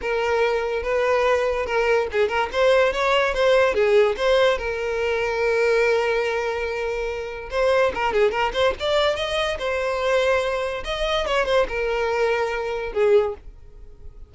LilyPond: \new Staff \with { instrumentName = "violin" } { \time 4/4 \tempo 4 = 144 ais'2 b'2 | ais'4 gis'8 ais'8 c''4 cis''4 | c''4 gis'4 c''4 ais'4~ | ais'1~ |
ais'2 c''4 ais'8 gis'8 | ais'8 c''8 d''4 dis''4 c''4~ | c''2 dis''4 cis''8 c''8 | ais'2. gis'4 | }